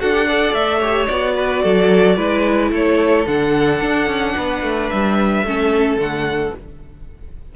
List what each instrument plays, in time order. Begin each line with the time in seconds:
0.00 cello D4, viola F#4, violin A4 F#5
0.13 viola G4
0.27 viola A4, violin D5
0.54 cello A3, violin E5
0.79 viola G4, violin C#5
1.07 cello B3, viola F#4, violin D5
1.37 violin B4
1.63 cello F#3, violin A4
2.17 cello G#3, viola E4, violin B4
2.71 cello A3, violin A4 C#5
3.27 cello D3, viola D4, violin F#5
3.82 cello D4
4.08 cello C#4
4.37 cello B3, violin B4
4.63 cello A3
4.90 cello G3, violin E5
5.43 cello A3, viola C#4, violin A4
5.97 cello D3, viola A3, violin F#5